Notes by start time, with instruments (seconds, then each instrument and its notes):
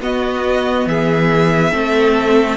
0.00 cello B3, viola B3, violin F#4 D#5
0.86 cello E3, violin G#4 E5
1.72 cello A3, viola C4, violin A4